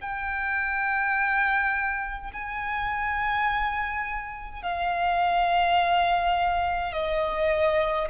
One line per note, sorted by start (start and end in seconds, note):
0.00 2.31 G5
2.33 4.62 G#5
4.62 6.92 F5
6.92 8.08 D#5